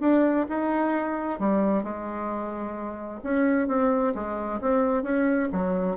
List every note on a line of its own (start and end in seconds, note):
0.00 0.46 D4
0.49 1.39 D#4
1.39 1.83 G3
1.83 3.20 G#3
3.23 3.68 C#4
3.68 4.13 C4
4.14 4.60 G#3
4.61 5.03 C4
5.03 5.48 C#4
5.52 5.96 F#3